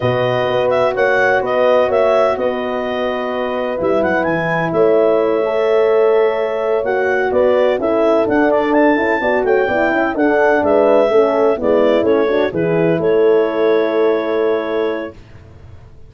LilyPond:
<<
  \new Staff \with { instrumentName = "clarinet" } { \time 4/4 \tempo 4 = 127 dis''4. e''8 fis''4 dis''4 | e''4 dis''2. | e''8 fis''8 gis''4 e''2~ | e''2~ e''8 fis''4 d''8~ |
d''8 e''4 fis''8 d''8 a''4. | g''4. fis''4 e''4.~ | e''8 d''4 cis''4 b'4 cis''8~ | cis''1 | }
  \new Staff \with { instrumentName = "horn" } { \time 4/4 b'2 cis''4 b'4 | cis''4 b'2.~ | b'2 cis''2~ | cis''2.~ cis''8 b'8~ |
b'8 a'2. d''8 | cis''8 d''8 e''8 a'4 b'4 a'8~ | a'8 e'4. fis'8 gis'4 a'8~ | a'1 | }
  \new Staff \with { instrumentName = "horn" } { \time 4/4 fis'1~ | fis'1 | e'2.~ e'8 a'8~ | a'2~ a'8 fis'4.~ |
fis'8 e'4 d'4. e'8 fis'8~ | fis'8 e'4 d'2 cis'8~ | cis'8 b4 cis'8 d'8 e'4.~ | e'1 | }
  \new Staff \with { instrumentName = "tuba" } { \time 4/4 b,4 b4 ais4 b4 | ais4 b2. | g8 fis8 e4 a2~ | a2~ a8 ais4 b8~ |
b8 cis'4 d'4. cis'8 b8 | a8 b8 cis'8 d'4 gis4 a8~ | a8 gis4 a4 e4 a8~ | a1 | }
>>